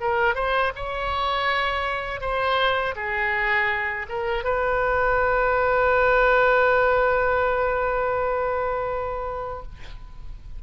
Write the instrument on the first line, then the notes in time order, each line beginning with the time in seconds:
oboe
0.00 A#4
0.35 C5
0.75 C#5
2.21 C5
2.95 G#4
4.09 A#4
4.44 B4